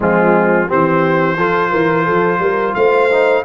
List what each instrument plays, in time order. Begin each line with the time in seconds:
0.00 tuba F3, trombone G#3, horn C4, trumpet F4
0.67 tuba E3, trombone C4, horn G4, trumpet C5
1.37 tuba F3, trombone F4, horn A4
1.70 tuba E3, horn A#4
2.04 tuba F3, horn A4
2.39 tuba G3, horn A#4
2.74 tuba A3, horn C5, trumpet F5
3.10 trombone D#4